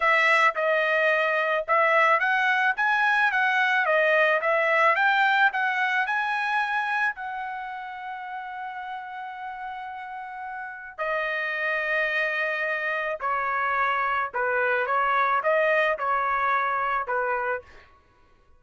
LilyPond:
\new Staff \with { instrumentName = "trumpet" } { \time 4/4 \tempo 4 = 109 e''4 dis''2 e''4 | fis''4 gis''4 fis''4 dis''4 | e''4 g''4 fis''4 gis''4~ | gis''4 fis''2.~ |
fis''1 | dis''1 | cis''2 b'4 cis''4 | dis''4 cis''2 b'4 | }